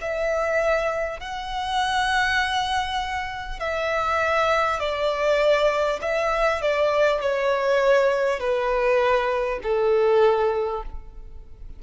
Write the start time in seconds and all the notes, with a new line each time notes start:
0.00 E5
1.20 F#5
3.59 E5
4.79 D5
6.01 E5
6.61 D5
7.21 C#5
8.39 B4
9.63 A4